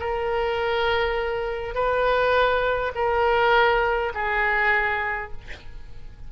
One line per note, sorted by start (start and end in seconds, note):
0.00 1.75 A#4
1.75 2.93 B4
2.95 4.13 A#4
4.14 5.32 G#4